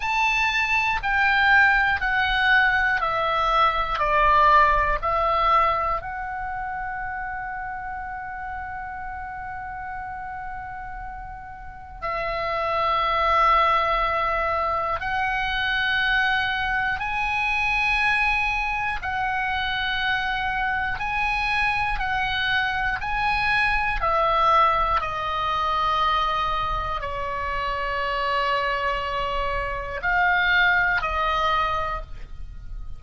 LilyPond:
\new Staff \with { instrumentName = "oboe" } { \time 4/4 \tempo 4 = 60 a''4 g''4 fis''4 e''4 | d''4 e''4 fis''2~ | fis''1 | e''2. fis''4~ |
fis''4 gis''2 fis''4~ | fis''4 gis''4 fis''4 gis''4 | e''4 dis''2 cis''4~ | cis''2 f''4 dis''4 | }